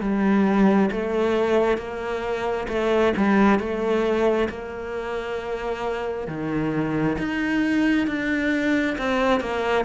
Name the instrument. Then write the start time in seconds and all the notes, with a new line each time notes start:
cello
0.00 G3
0.91 A3
1.77 A#3
2.68 A3
3.16 G3
3.59 A3
4.49 A#3
6.27 D#3
7.18 D#4
8.07 D4
8.98 C4
9.40 A#3